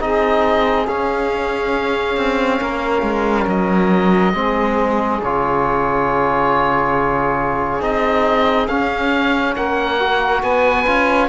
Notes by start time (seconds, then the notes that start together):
0.00 C4 D#4 G#4 D#5
0.87 C#4 F5
2.17 C4
2.60 A#3 A#4
3.03 G#3
3.48 F#3 D#5
4.34 G#3 C4 G#4
5.22 C#3 F4 C#5
7.81 C4 D#4 D#5
8.68 C#4 F5
9.56 A#3 A#4 F#5
10.00 F#4
10.43 B3 B4 G#5
10.87 C#4 F4